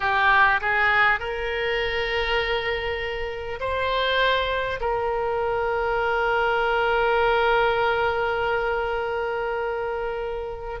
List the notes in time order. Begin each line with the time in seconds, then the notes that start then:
0.00 G4
0.61 G#4
1.19 A#4
3.59 C5
4.80 A#4